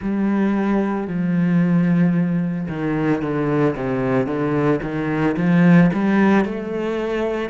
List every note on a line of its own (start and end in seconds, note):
0.02 1.07 G3
1.07 2.67 F3
2.68 3.21 D#3
3.21 3.75 D3
3.75 4.26 C3
4.26 4.80 D3
4.82 5.36 D#3
5.36 5.90 F3
5.93 6.44 G3
6.44 7.50 A3